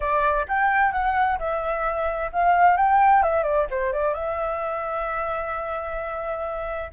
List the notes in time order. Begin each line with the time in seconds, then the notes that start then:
0.00 D5
0.47 G5
0.92 F#5
1.38 E5
2.32 F5
2.76 G5
3.22 E5
3.43 D5
3.70 C5
3.92 D5
4.14 E5